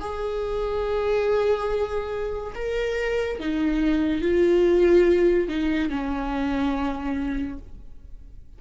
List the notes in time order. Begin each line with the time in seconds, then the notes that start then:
0.00 G#4
2.55 A#4
3.40 D#4
4.21 F4
5.48 D#4
5.89 C#4